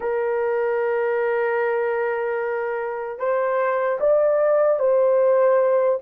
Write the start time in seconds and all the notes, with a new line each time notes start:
0.00 A#4
3.18 C5
4.00 D5
4.79 C5